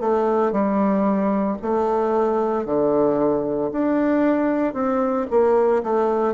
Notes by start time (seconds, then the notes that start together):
0.00 A3
0.52 G3
1.62 A3
2.66 D3
3.72 D4
4.74 C4
5.30 A#3
5.83 A3